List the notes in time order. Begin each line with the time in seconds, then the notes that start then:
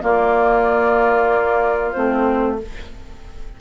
0.00 A#3 F4 D5
1.92 A3 C4 C5